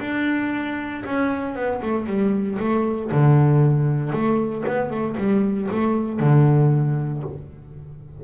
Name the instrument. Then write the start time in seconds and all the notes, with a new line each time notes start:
double bass
0.00 D4
1.05 C#4
1.55 B3
1.82 A3
2.06 G3
2.59 A3
3.11 D3
4.12 A3
4.68 B3
4.90 A3
5.17 G3
5.71 A3
6.20 D3